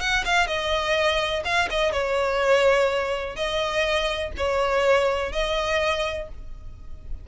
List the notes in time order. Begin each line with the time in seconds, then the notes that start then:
0.00 F#5
0.24 F5
0.47 D#5
1.44 F5
1.70 D#5
1.92 C#5
3.35 D#5
4.37 C#5
5.32 D#5